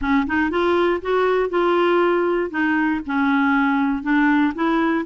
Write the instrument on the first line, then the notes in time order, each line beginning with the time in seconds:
clarinet
0.01 C#4
0.26 D#4
0.50 F4
1.01 F#4
1.49 F4
2.50 D#4
3.06 C#4
4.02 D4
4.54 E4